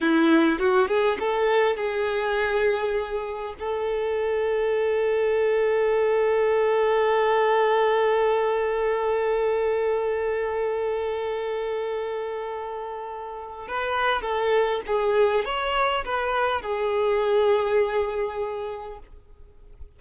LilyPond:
\new Staff \with { instrumentName = "violin" } { \time 4/4 \tempo 4 = 101 e'4 fis'8 gis'8 a'4 gis'4~ | gis'2 a'2~ | a'1~ | a'1~ |
a'1~ | a'2. b'4 | a'4 gis'4 cis''4 b'4 | gis'1 | }